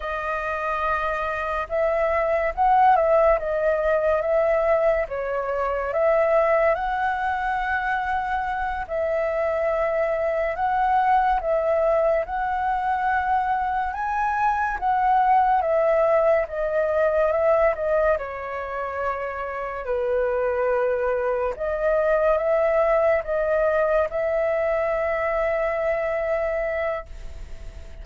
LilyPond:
\new Staff \with { instrumentName = "flute" } { \time 4/4 \tempo 4 = 71 dis''2 e''4 fis''8 e''8 | dis''4 e''4 cis''4 e''4 | fis''2~ fis''8 e''4.~ | e''8 fis''4 e''4 fis''4.~ |
fis''8 gis''4 fis''4 e''4 dis''8~ | dis''8 e''8 dis''8 cis''2 b'8~ | b'4. dis''4 e''4 dis''8~ | dis''8 e''2.~ e''8 | }